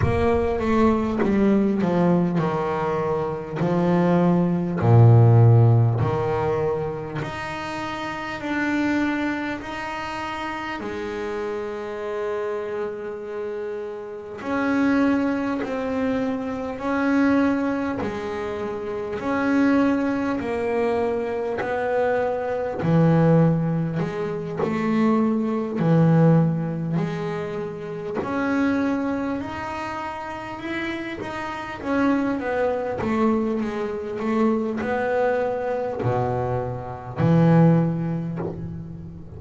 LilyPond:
\new Staff \with { instrumentName = "double bass" } { \time 4/4 \tempo 4 = 50 ais8 a8 g8 f8 dis4 f4 | ais,4 dis4 dis'4 d'4 | dis'4 gis2. | cis'4 c'4 cis'4 gis4 |
cis'4 ais4 b4 e4 | gis8 a4 e4 gis4 cis'8~ | cis'8 dis'4 e'8 dis'8 cis'8 b8 a8 | gis8 a8 b4 b,4 e4 | }